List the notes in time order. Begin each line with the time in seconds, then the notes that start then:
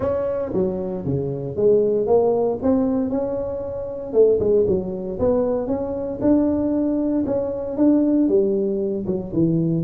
0.00 C#4
0.53 F#3
1.05 C#3
1.56 G#3
2.07 A#3
2.62 C4
3.09 C#4
4.13 A3
4.39 G#3
4.67 F#3
5.19 B3
5.67 C#4
6.21 D4
7.25 C#4
7.77 D4
8.28 G3
9.06 F#3
9.33 E3